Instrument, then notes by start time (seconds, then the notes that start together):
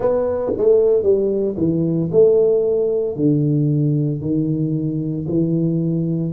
tuba
0.00 B3
0.57 A3
1.02 G3
1.57 E3
2.11 A3
3.16 D3
4.21 D#3
5.28 E3